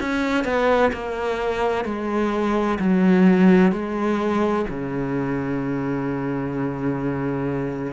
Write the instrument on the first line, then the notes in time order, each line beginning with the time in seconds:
cello
0.00 C#4
0.44 B3
0.93 A#3
1.85 G#3
2.79 F#3
3.72 G#3
4.70 C#3